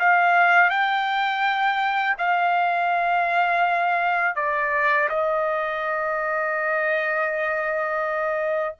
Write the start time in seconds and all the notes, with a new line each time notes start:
0.00 F5
0.71 G5
2.19 F5
4.36 D5
5.10 D#5